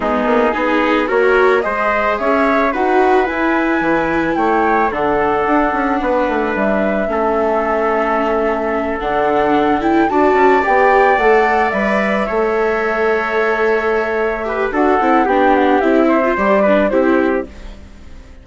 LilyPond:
<<
  \new Staff \with { instrumentName = "flute" } { \time 4/4 \tempo 4 = 110 gis'2 cis''4 dis''4 | e''4 fis''4 gis''2 | g''4 fis''2. | e''1~ |
e''8 fis''4. g''8 a''4 g''8~ | g''8 fis''4 e''2~ e''8~ | e''2. fis''4 | g''8 fis''8 e''4 d''4 c''4 | }
  \new Staff \with { instrumentName = "trumpet" } { \time 4/4 dis'4 gis'4 ais'4 c''4 | cis''4 b'2. | cis''4 a'2 b'4~ | b'4 a'2.~ |
a'2~ a'8 d''4.~ | d''2~ d''8 cis''4.~ | cis''2~ cis''8 b'8 a'4 | g'4. c''4 b'8 g'4 | }
  \new Staff \with { instrumentName = "viola" } { \time 4/4 b4 dis'4 fis'4 gis'4~ | gis'4 fis'4 e'2~ | e'4 d'2.~ | d'4 cis'2.~ |
cis'8 d'4. e'8 fis'4 g'8~ | g'8 a'4 b'4 a'4.~ | a'2~ a'8 g'8 fis'8 e'8 | d'4 e'8. f'16 g'8 d'8 e'4 | }
  \new Staff \with { instrumentName = "bassoon" } { \time 4/4 gis8 ais8 b4 ais4 gis4 | cis'4 dis'4 e'4 e4 | a4 d4 d'8 cis'8 b8 a8 | g4 a2.~ |
a8 d2 d'8 cis'8 b8~ | b8 a4 g4 a4.~ | a2. d'8 c'8 | b4 c'4 g4 c'4 | }
>>